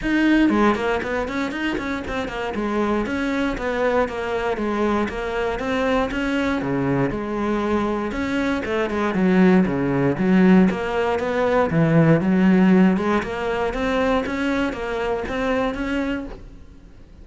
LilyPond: \new Staff \with { instrumentName = "cello" } { \time 4/4 \tempo 4 = 118 dis'4 gis8 ais8 b8 cis'8 dis'8 cis'8 | c'8 ais8 gis4 cis'4 b4 | ais4 gis4 ais4 c'4 | cis'4 cis4 gis2 |
cis'4 a8 gis8 fis4 cis4 | fis4 ais4 b4 e4 | fis4. gis8 ais4 c'4 | cis'4 ais4 c'4 cis'4 | }